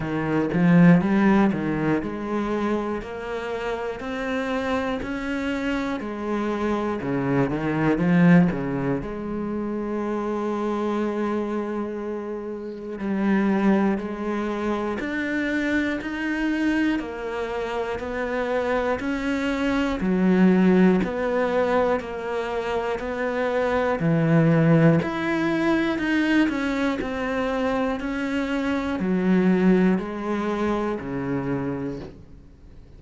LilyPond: \new Staff \with { instrumentName = "cello" } { \time 4/4 \tempo 4 = 60 dis8 f8 g8 dis8 gis4 ais4 | c'4 cis'4 gis4 cis8 dis8 | f8 cis8 gis2.~ | gis4 g4 gis4 d'4 |
dis'4 ais4 b4 cis'4 | fis4 b4 ais4 b4 | e4 e'4 dis'8 cis'8 c'4 | cis'4 fis4 gis4 cis4 | }